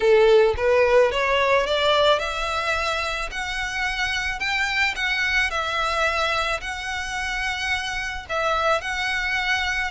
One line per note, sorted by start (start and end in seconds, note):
0.00 0.54 A4
0.57 1.11 B4
1.11 1.66 C#5
1.66 2.19 D5
2.19 3.29 E5
3.31 4.39 F#5
4.39 4.94 G5
4.95 5.50 F#5
5.50 6.60 E5
6.61 8.26 F#5
8.29 8.81 E5
8.81 9.91 F#5